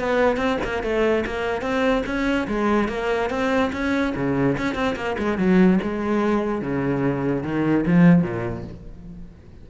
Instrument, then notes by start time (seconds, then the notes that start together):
cello
0.00 B3
0.37 C4
0.64 A#3
0.83 A3
1.27 A#3
1.62 C4
2.06 C#4
2.48 G#3
2.89 A#3
3.30 C4
3.73 C#4
4.16 C#3
4.58 C#4
4.75 C4
4.96 A#3
5.19 G#3
5.38 F#3
5.83 G#3
6.62 C#3
7.44 D#3
7.87 F3
8.23 A#2